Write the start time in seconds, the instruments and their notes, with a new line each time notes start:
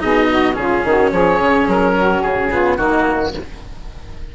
0.00 bassoon B2, cello D#4, saxophone G#4, oboe D#5
0.30 saxophone F#4
0.54 bassoon C#3, cello C#4, saxophone F4, oboe G#4
0.84 bassoon D#3, saxophone F#4
1.12 bassoon F3, saxophone G#4, oboe C#5
1.41 bassoon C#3
1.68 bassoon F#3, oboe A#4
1.98 saxophone F#4
2.22 bassoon C#3, oboe G#4
2.51 cello B3, saxophone F4
2.77 bassoon D#3, cello A#3, saxophone D#4, oboe F#4